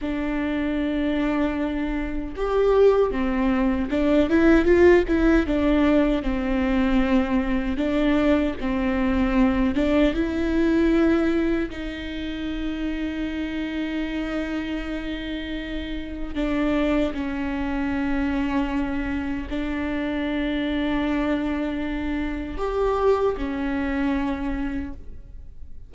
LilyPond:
\new Staff \with { instrumentName = "viola" } { \time 4/4 \tempo 4 = 77 d'2. g'4 | c'4 d'8 e'8 f'8 e'8 d'4 | c'2 d'4 c'4~ | c'8 d'8 e'2 dis'4~ |
dis'1~ | dis'4 d'4 cis'2~ | cis'4 d'2.~ | d'4 g'4 cis'2 | }